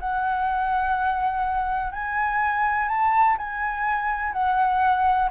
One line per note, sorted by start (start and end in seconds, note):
0.00 1.92 F#5
1.92 2.88 G#5
2.88 3.37 A5
3.38 4.33 G#5
4.33 5.29 F#5